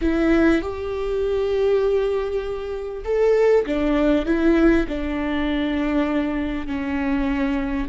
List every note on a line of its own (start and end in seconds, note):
0.01 0.61 E4
0.61 3.04 G4
3.04 3.65 A4
3.66 4.25 D4
4.25 4.86 E4
4.88 6.66 D4
6.66 7.88 C#4